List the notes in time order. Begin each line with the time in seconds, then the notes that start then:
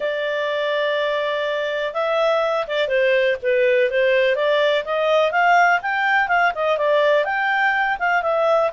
0.00 D5
1.93 E5
2.67 D5
2.87 C5
3.42 B4
3.90 C5
4.35 D5
4.85 D#5
5.31 F5
5.82 G5
6.28 F5
6.55 D#5
6.77 D5
7.24 G5
7.99 F5
8.22 E5